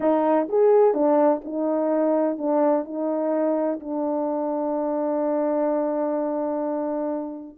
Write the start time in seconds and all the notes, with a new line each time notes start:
0.00 D#4
0.49 G#4
0.94 D4
1.44 D#4
2.38 D4
2.85 D#4
3.80 D4